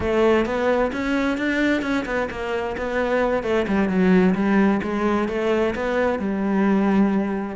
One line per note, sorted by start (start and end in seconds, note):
0.00 0.45 A3
0.45 0.91 B3
0.92 1.37 C#4
1.37 1.82 D4
1.82 2.04 C#4
2.05 2.28 B3
2.30 2.76 A#3
2.77 3.43 B3
3.43 3.66 A3
3.67 3.88 G3
3.88 4.34 F#3
4.34 4.80 G3
4.82 5.28 G#3
5.28 5.74 A3
5.75 6.19 B3
6.19 7.56 G3